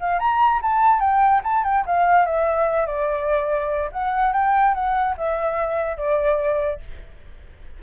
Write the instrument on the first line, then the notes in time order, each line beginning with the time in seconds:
flute
0.00 F5
0.19 A#5
0.62 A5
1.00 G5
1.44 A5
1.64 G5
1.86 F5
2.26 E5
2.86 D5
3.92 F#5
4.33 G5
4.74 F#5
5.17 E5
5.97 D5